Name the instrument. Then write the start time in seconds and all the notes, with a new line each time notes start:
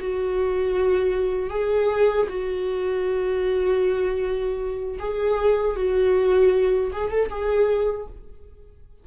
viola
0.00 F#4
1.50 G#4
2.29 F#4
4.99 G#4
5.76 F#4
6.93 G#4
7.10 A4
7.30 G#4